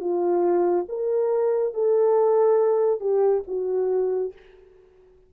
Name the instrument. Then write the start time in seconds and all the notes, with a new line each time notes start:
horn
0.00 F4
0.88 A#4
1.74 A4
3.00 G4
3.47 F#4